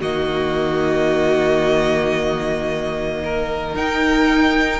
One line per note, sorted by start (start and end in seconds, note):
0.00 3.74 D#3
0.00 3.75 A#3
0.00 3.22 F#4
0.00 3.75 D#5
3.23 4.80 A#4
3.74 4.80 D#4
3.74 4.80 G5